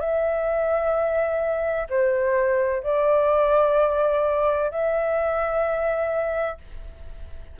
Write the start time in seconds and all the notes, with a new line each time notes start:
0.00 E5
1.89 C5
2.83 D5
4.70 E5